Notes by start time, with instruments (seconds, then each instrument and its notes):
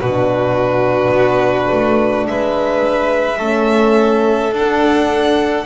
0.00 double bass B2, horn D4, violin F#4 B4
1.10 double bass B3
1.71 double bass A3
2.27 double bass G#3, violin B4 E5
3.38 double bass A3, horn C#4, violin A4
4.52 double bass D4, horn D4, violin F#5